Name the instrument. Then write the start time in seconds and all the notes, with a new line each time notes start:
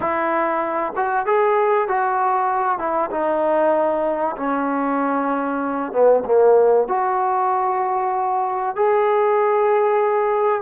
trombone
0.00 E4
0.95 F#4
1.26 G#4
1.88 F#4
2.78 E4
3.11 D#4
4.37 C#4
5.92 B3
6.25 A#3
6.88 F#4
8.75 G#4